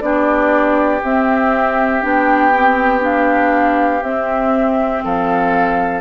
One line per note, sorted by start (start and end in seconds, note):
0.00 1.01 B3
0.00 1.00 D4
0.00 5.04 G4
0.00 1.00 D5
1.02 2.02 C4
1.02 2.01 C4
1.02 2.02 E5
2.01 4.02 B3
2.01 2.51 D4
2.01 3.02 G5
2.53 3.00 C4
3.00 4.00 D4
3.00 4.03 F5
4.02 5.02 C4
4.02 6.01 C4
4.02 5.03 E5
5.04 6.01 F3
5.04 6.01 A4
5.04 6.01 F5